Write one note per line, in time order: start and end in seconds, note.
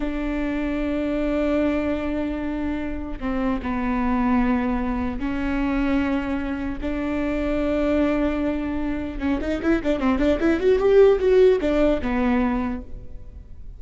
0.00 3.19 D4
3.20 3.60 C4
3.62 5.19 B3
5.19 6.79 C#4
6.81 9.19 D4
9.19 9.39 C#4
9.41 9.61 D#4
9.62 9.82 E4
9.83 9.99 D4
9.99 10.18 C4
10.18 10.38 D4
10.40 10.60 E4
10.60 10.79 F#4
10.79 11.19 G4
11.19 11.59 F#4
11.60 12.00 D4
12.01 12.81 B3